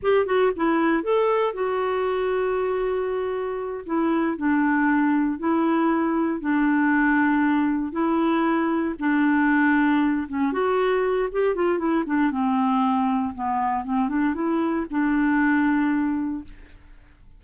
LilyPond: \new Staff \with { instrumentName = "clarinet" } { \time 4/4 \tempo 4 = 117 g'8 fis'8 e'4 a'4 fis'4~ | fis'2.~ fis'8 e'8~ | e'8 d'2 e'4.~ | e'8 d'2. e'8~ |
e'4. d'2~ d'8 | cis'8 fis'4. g'8 f'8 e'8 d'8 | c'2 b4 c'8 d'8 | e'4 d'2. | }